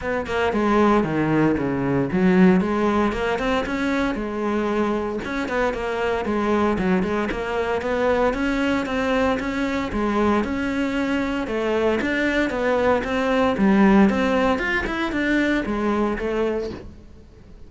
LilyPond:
\new Staff \with { instrumentName = "cello" } { \time 4/4 \tempo 4 = 115 b8 ais8 gis4 dis4 cis4 | fis4 gis4 ais8 c'8 cis'4 | gis2 cis'8 b8 ais4 | gis4 fis8 gis8 ais4 b4 |
cis'4 c'4 cis'4 gis4 | cis'2 a4 d'4 | b4 c'4 g4 c'4 | f'8 e'8 d'4 gis4 a4 | }